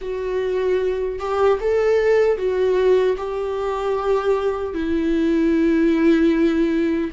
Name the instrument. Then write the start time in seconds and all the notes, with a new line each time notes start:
viola
0.01 F#4
1.19 G4
1.60 A4
2.37 F#4
3.17 G4
4.74 E4